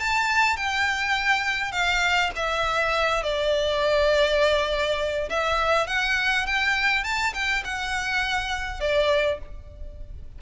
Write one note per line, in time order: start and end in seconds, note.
0.00 0.56 A5
0.56 1.72 G5
1.72 2.31 F5
2.36 3.23 E5
3.23 5.29 D5
5.29 5.87 E5
5.87 6.46 F#5
6.47 7.04 G5
7.04 7.33 A5
7.34 7.63 G5
7.64 8.80 F#5
8.80 9.39 D5